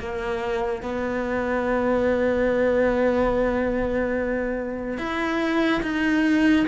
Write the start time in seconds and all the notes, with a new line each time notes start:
0.00 A#3
0.83 B3
4.98 E4
5.83 D#4